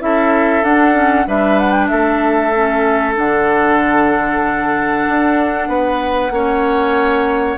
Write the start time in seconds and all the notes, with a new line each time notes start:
0.00 C#4 E4 A4 E5
0.63 D4 F#5
0.94 C#4
1.26 G3 D4 B4 E5
1.59 F#5
1.71 G5
1.88 A3 A4 E5
2.55 C#4
3.15 D3 D4 F#5
5.09 D4
5.68 B3 B4
6.31 A#3 C#4 C#5